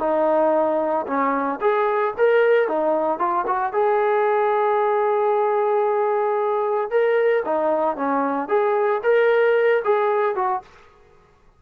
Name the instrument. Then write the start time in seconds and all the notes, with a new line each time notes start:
trombone
0.00 D#4
1.07 C#4
1.61 G#4
2.18 A#4
2.68 D#4
3.19 F4
3.47 F#4
3.73 G#4
6.91 A#4
7.45 D#4
7.97 C#4
8.49 G#4
9.03 A#4
9.84 G#4
10.36 F#4